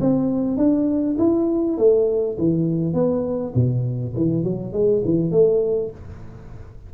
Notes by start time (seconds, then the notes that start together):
0.00 C4
0.57 D4
1.18 E4
1.77 A3
2.38 E3
2.93 B3
3.55 B2
4.16 E3
4.43 F#3
4.72 G#3
5.04 E3
5.31 A3